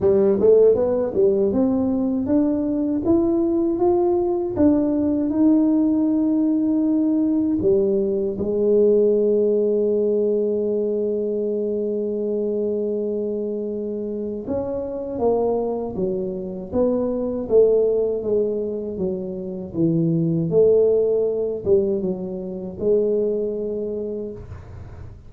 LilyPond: \new Staff \with { instrumentName = "tuba" } { \time 4/4 \tempo 4 = 79 g8 a8 b8 g8 c'4 d'4 | e'4 f'4 d'4 dis'4~ | dis'2 g4 gis4~ | gis1~ |
gis2. cis'4 | ais4 fis4 b4 a4 | gis4 fis4 e4 a4~ | a8 g8 fis4 gis2 | }